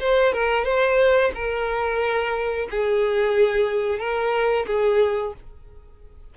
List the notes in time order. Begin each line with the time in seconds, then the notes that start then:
0.00 C5
0.33 A#4
0.65 C5
1.35 A#4
2.71 G#4
3.99 A#4
4.67 G#4